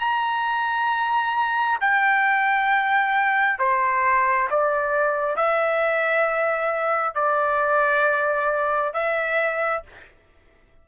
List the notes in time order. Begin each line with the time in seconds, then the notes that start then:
0.00 A#5
1.81 G5
3.59 C5
4.51 D5
5.36 E5
7.15 D5
8.94 E5